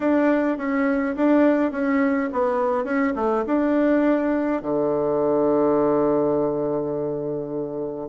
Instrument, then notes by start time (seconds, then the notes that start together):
bassoon
0.00 D4
0.57 C#4
1.16 D4
1.72 C#4
2.32 B3
2.84 C#4
3.15 A3
3.46 D4
4.62 D3